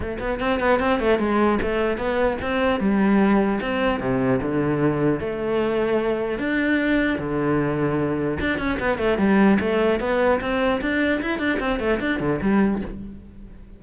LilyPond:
\new Staff \with { instrumentName = "cello" } { \time 4/4 \tempo 4 = 150 a8 b8 c'8 b8 c'8 a8 gis4 | a4 b4 c'4 g4~ | g4 c'4 c4 d4~ | d4 a2. |
d'2 d2~ | d4 d'8 cis'8 b8 a8 g4 | a4 b4 c'4 d'4 | e'8 d'8 c'8 a8 d'8 d8 g4 | }